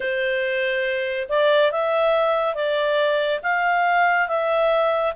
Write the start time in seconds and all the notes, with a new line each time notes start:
0.00 C5
1.28 D5
1.71 E5
2.54 D5
3.42 F5
4.27 E5